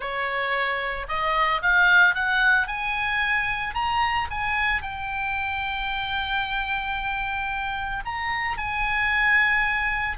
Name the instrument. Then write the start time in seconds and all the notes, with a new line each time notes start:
oboe
0.00 C#5
1.08 D#5
1.62 F5
2.14 F#5
2.67 G#5
3.74 A#5
4.30 G#5
4.82 G5
8.05 A#5
8.57 G#5